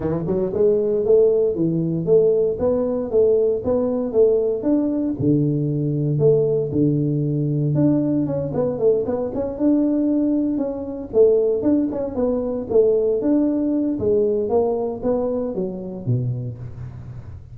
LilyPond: \new Staff \with { instrumentName = "tuba" } { \time 4/4 \tempo 4 = 116 e8 fis8 gis4 a4 e4 | a4 b4 a4 b4 | a4 d'4 d2 | a4 d2 d'4 |
cis'8 b8 a8 b8 cis'8 d'4.~ | d'8 cis'4 a4 d'8 cis'8 b8~ | b8 a4 d'4. gis4 | ais4 b4 fis4 b,4 | }